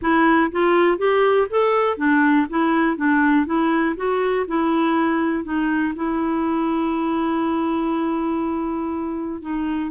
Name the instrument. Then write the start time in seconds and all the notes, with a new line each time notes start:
clarinet
0.01 E4
0.51 F4
0.98 G4
1.49 A4
1.97 D4
2.49 E4
2.96 D4
3.46 E4
3.96 F#4
4.47 E4
5.44 D#4
5.95 E4
9.41 D#4